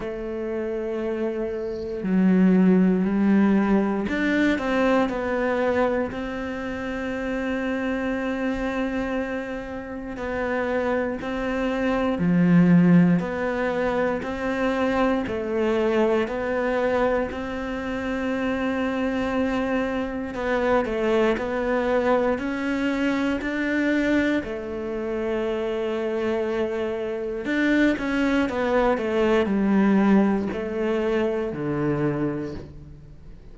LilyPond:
\new Staff \with { instrumentName = "cello" } { \time 4/4 \tempo 4 = 59 a2 fis4 g4 | d'8 c'8 b4 c'2~ | c'2 b4 c'4 | f4 b4 c'4 a4 |
b4 c'2. | b8 a8 b4 cis'4 d'4 | a2. d'8 cis'8 | b8 a8 g4 a4 d4 | }